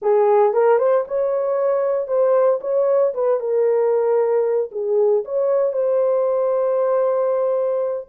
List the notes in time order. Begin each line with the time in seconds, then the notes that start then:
0.01 G#4
0.53 A#4
0.78 C5
1.07 C#5
2.07 C5
2.61 C#5
3.14 B4
3.40 A#4
4.71 G#4
5.24 C#5
5.72 C5